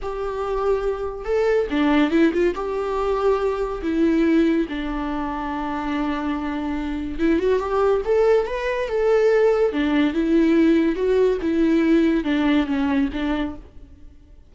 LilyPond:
\new Staff \with { instrumentName = "viola" } { \time 4/4 \tempo 4 = 142 g'2. a'4 | d'4 e'8 f'8 g'2~ | g'4 e'2 d'4~ | d'1~ |
d'4 e'8 fis'8 g'4 a'4 | b'4 a'2 d'4 | e'2 fis'4 e'4~ | e'4 d'4 cis'4 d'4 | }